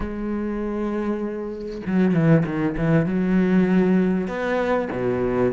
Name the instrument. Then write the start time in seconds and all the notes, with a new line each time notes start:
cello
0.00 G#3
1.86 F#3
2.13 E3
2.45 D#3
2.77 E3
3.06 F#3
4.27 B3
4.91 B2